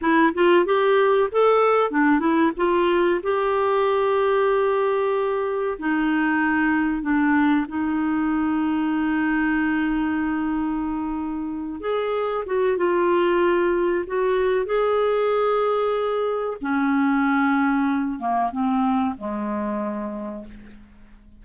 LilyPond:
\new Staff \with { instrumentName = "clarinet" } { \time 4/4 \tempo 4 = 94 e'8 f'8 g'4 a'4 d'8 e'8 | f'4 g'2.~ | g'4 dis'2 d'4 | dis'1~ |
dis'2~ dis'8 gis'4 fis'8 | f'2 fis'4 gis'4~ | gis'2 cis'2~ | cis'8 ais8 c'4 gis2 | }